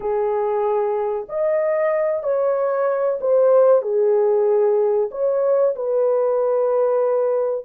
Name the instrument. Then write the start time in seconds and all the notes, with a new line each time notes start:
horn
0.00 G#4
1.28 D#5
2.23 C#5
3.21 C5
3.82 G#4
5.11 C#5
5.75 B4